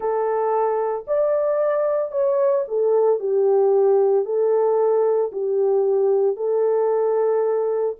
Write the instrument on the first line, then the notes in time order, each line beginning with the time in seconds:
horn
0.00 A4
1.07 D5
2.11 C#5
2.67 A4
3.19 G4
4.25 A4
5.31 G4
6.36 A4